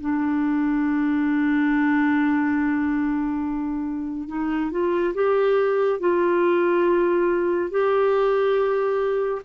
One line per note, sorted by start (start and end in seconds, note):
0.00 4.28 D4
4.28 4.71 D#4
4.71 5.14 F4
5.14 6.00 G4
6.00 7.70 F4
7.70 9.42 G4